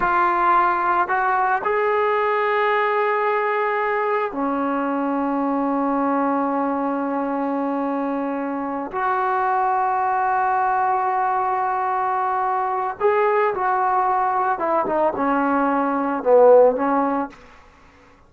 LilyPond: \new Staff \with { instrumentName = "trombone" } { \time 4/4 \tempo 4 = 111 f'2 fis'4 gis'4~ | gis'1 | cis'1~ | cis'1~ |
cis'8 fis'2.~ fis'8~ | fis'1 | gis'4 fis'2 e'8 dis'8 | cis'2 b4 cis'4 | }